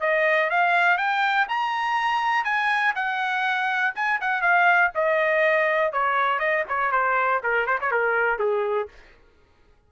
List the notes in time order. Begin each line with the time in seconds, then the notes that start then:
0.00 D#5
0.49 F5
0.97 G5
1.48 A#5
2.44 G#5
2.95 F#5
3.95 G#5
4.21 F#5
4.41 F5
4.94 D#5
5.92 C#5
6.39 D#5
6.68 C#5
6.91 C5
7.43 A#4
7.66 C5
7.80 C#5
7.91 A#4
8.38 G#4